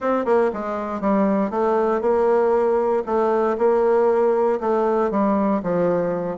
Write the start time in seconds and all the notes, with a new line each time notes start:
0.00 C4
0.25 A#3
0.53 G#3
1.00 G3
1.50 A3
2.01 A#3
3.06 A3
3.58 A#3
4.60 A3
5.11 G3
5.62 F3